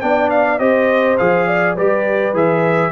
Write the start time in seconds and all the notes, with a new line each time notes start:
0.00 B3 D4 D5 G5
0.30 F5
0.59 C4 G4 C5 D#5
1.17 F3 G#4 F5
1.47 D5
1.75 G3 G4 B4 D5
2.33 E3 G#4 E5